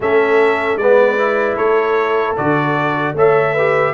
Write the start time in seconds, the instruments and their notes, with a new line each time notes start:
0.00 tuba A3, trombone C#4, horn A4, trumpet E5
0.76 tuba G#3, trombone B3, horn B4, trumpet D5
1.17 trombone E4
1.56 tuba A3, horn A4, trumpet C#5
2.36 tuba D3, trombone F#4, trumpet D5
3.13 tuba A3, trombone A4, horn C#5, trumpet E5
3.53 trombone G4, horn B4